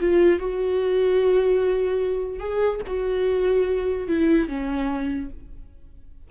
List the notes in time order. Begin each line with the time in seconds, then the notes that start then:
0.00 F4
0.40 F#4
2.39 G#4
2.87 F#4
4.08 E4
4.48 C#4